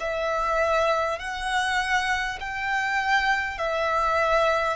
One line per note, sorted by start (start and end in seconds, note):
0.00 1.18 E5
1.18 2.38 F#5
2.40 3.58 G5
3.58 4.76 E5